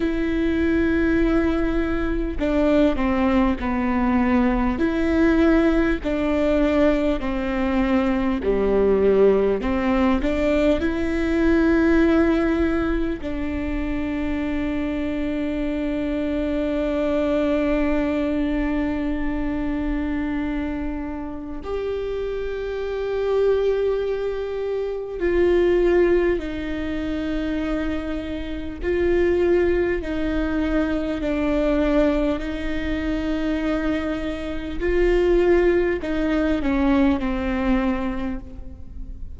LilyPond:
\new Staff \with { instrumentName = "viola" } { \time 4/4 \tempo 4 = 50 e'2 d'8 c'8 b4 | e'4 d'4 c'4 g4 | c'8 d'8 e'2 d'4~ | d'1~ |
d'2 g'2~ | g'4 f'4 dis'2 | f'4 dis'4 d'4 dis'4~ | dis'4 f'4 dis'8 cis'8 c'4 | }